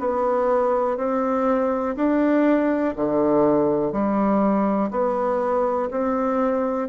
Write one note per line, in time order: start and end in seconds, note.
0.00 0.98 B3
0.98 1.96 C4
1.97 2.95 D4
2.96 3.93 D3
3.93 4.91 G3
4.91 5.90 B3
5.92 6.89 C4